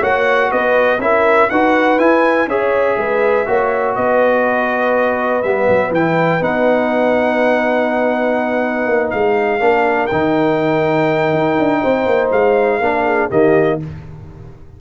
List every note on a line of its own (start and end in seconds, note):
0.00 0.51 A#3
0.00 0.99 F#4
0.00 0.49 C#5
0.00 0.52 F#5
0.51 0.99 B3
0.51 1.00 B4
0.51 1.01 D#5
0.99 1.48 C#4
0.99 1.50 E4
0.99 1.50 A#4
0.99 1.50 E5
1.50 1.99 D#4
1.50 1.99 F#4
1.50 2.48 B4
1.50 1.99 F#5
1.99 2.48 E4
1.99 2.47 E4
1.99 2.49 G#5
2.47 2.97 C#4
2.47 3.47 G#4
2.47 2.98 C#5
2.47 3.96 E5
2.98 3.47 G#3
2.98 3.48 B4
3.47 3.97 A#3
3.47 5.43 F#4
3.47 3.96 C#5
3.96 5.44 B3
3.96 9.61 B4
3.96 5.43 D#5
5.43 5.69 G3
5.43 5.95 B3
5.43 5.92 E5
5.69 5.91 F#3
5.91 6.40 E3
5.91 6.41 E4
5.91 6.43 G5
6.41 8.86 B3
6.41 9.60 D#4
6.41 9.10 F#5
8.86 9.11 A#3
9.10 9.60 G#3
9.10 10.07 F5
9.60 10.09 A#3
9.60 10.10 D4
9.60 11.82 A#4
10.07 11.33 D#3
10.07 12.82 D#4
10.07 12.28 G5
11.33 11.58 D#4
11.59 11.84 D4
11.82 12.06 C4
11.82 12.81 C5
12.06 12.31 A#3
12.31 12.81 G#3
12.31 13.31 F5
12.81 13.30 A#3
12.81 13.31 D4
12.81 13.06 A#4
13.06 13.30 G#4
13.30 13.81 D#3
13.30 13.80 A#3
13.30 13.79 G4
13.30 13.80 D#5